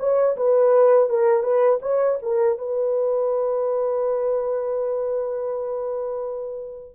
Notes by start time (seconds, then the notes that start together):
0.00 C#5
0.37 B4
1.10 A#4
1.43 B4
1.82 C#5
2.23 A#4
2.58 B4